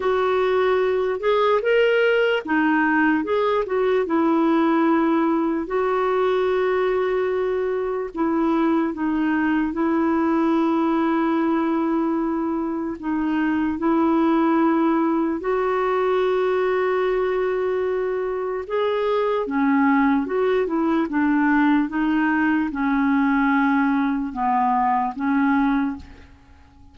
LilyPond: \new Staff \with { instrumentName = "clarinet" } { \time 4/4 \tempo 4 = 74 fis'4. gis'8 ais'4 dis'4 | gis'8 fis'8 e'2 fis'4~ | fis'2 e'4 dis'4 | e'1 |
dis'4 e'2 fis'4~ | fis'2. gis'4 | cis'4 fis'8 e'8 d'4 dis'4 | cis'2 b4 cis'4 | }